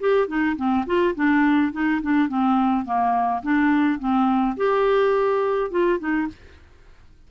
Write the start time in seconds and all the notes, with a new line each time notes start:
0.00 G4
0.27 D#4
0.56 C4
0.86 F4
1.15 D4
1.72 D#4
2.02 D4
2.28 C4
2.85 A#3
3.43 D4
3.99 C4
4.57 G4
5.70 F4
5.99 D#4